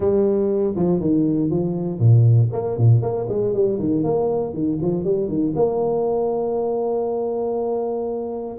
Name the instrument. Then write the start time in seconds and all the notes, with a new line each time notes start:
tuba
0.00 G3
0.76 F3
1.00 D#3
1.50 F3
1.99 A#2
2.52 A#3
2.77 A#2
3.02 A#3
3.28 G#3
3.53 G3
3.79 D#3
4.03 A#3
4.53 D#3
4.81 F3
5.04 G3
5.28 D#3
5.55 A#3